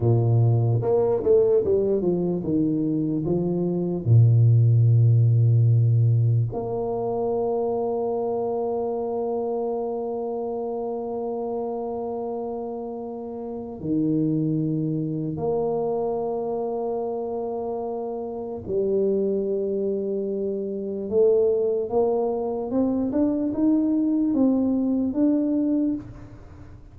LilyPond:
\new Staff \with { instrumentName = "tuba" } { \time 4/4 \tempo 4 = 74 ais,4 ais8 a8 g8 f8 dis4 | f4 ais,2. | ais1~ | ais1~ |
ais4 dis2 ais4~ | ais2. g4~ | g2 a4 ais4 | c'8 d'8 dis'4 c'4 d'4 | }